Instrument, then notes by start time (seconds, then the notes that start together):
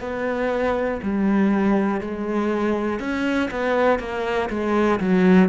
cello
0.00 B3
1.02 G3
2.00 G#3
3.00 C#4
3.50 B3
3.99 A#3
4.50 G#3
5.00 F#3